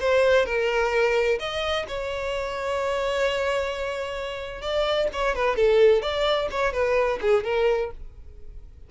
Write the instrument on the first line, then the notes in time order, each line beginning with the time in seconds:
violin
0.00 C5
0.45 A#4
1.39 D#5
1.88 C#5
4.62 D5
5.13 C#5
5.35 B4
5.56 A4
6.02 D5
6.51 C#5
6.73 B4
7.21 G#4
7.44 A#4